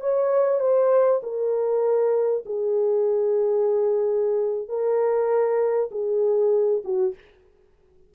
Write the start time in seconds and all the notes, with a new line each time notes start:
0.00 C#5
0.60 C5
1.23 A#4
2.45 G#4
4.68 A#4
5.91 G#4
6.84 F#4